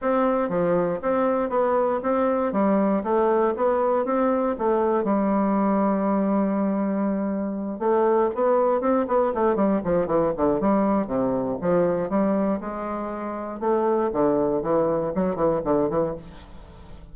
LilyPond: \new Staff \with { instrumentName = "bassoon" } { \time 4/4 \tempo 4 = 119 c'4 f4 c'4 b4 | c'4 g4 a4 b4 | c'4 a4 g2~ | g2.~ g8 a8~ |
a8 b4 c'8 b8 a8 g8 f8 | e8 d8 g4 c4 f4 | g4 gis2 a4 | d4 e4 fis8 e8 d8 e8 | }